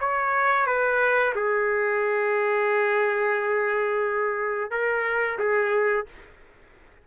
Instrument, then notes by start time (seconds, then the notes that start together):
trumpet
0.00 C#5
0.66 B4
1.35 G#4
4.71 A#4
5.39 G#4